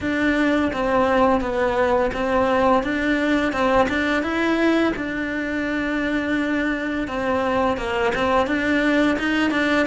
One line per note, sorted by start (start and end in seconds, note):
0.00 0.71 D4
0.73 1.40 C4
1.40 2.11 B3
2.13 2.83 C4
2.83 3.52 D4
3.52 3.87 C4
3.89 4.22 D4
4.22 4.93 E4
4.95 7.07 D4
7.07 7.77 C4
7.77 8.12 A#3
8.14 8.46 C4
8.46 9.17 D4
9.19 9.51 D#4
9.51 9.86 D4